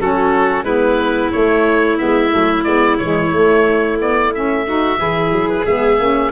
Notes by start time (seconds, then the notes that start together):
0.00 F#3 C#4 F#4 A4
0.63 G#3 B3 E4 B4
1.31 A3 C#5
1.98 G#3 B3 E5
2.30 F#3 A3
2.64 G#3 B3 D5
2.98 E3 G#3 C#5
3.31 A3
3.98 B3 D5
4.34 C#4 E5
4.66 D#4 F#4
4.97 E3 E4 G#4
5.31 F#3
5.49 B4
5.65 G#3 B3 E5
5.99 A#3 C#4